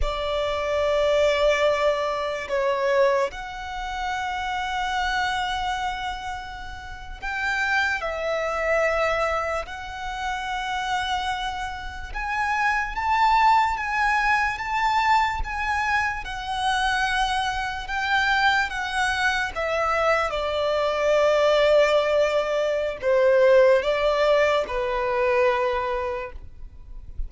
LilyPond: \new Staff \with { instrumentName = "violin" } { \time 4/4 \tempo 4 = 73 d''2. cis''4 | fis''1~ | fis''8. g''4 e''2 fis''16~ | fis''2~ fis''8. gis''4 a''16~ |
a''8. gis''4 a''4 gis''4 fis''16~ | fis''4.~ fis''16 g''4 fis''4 e''16~ | e''8. d''2.~ d''16 | c''4 d''4 b'2 | }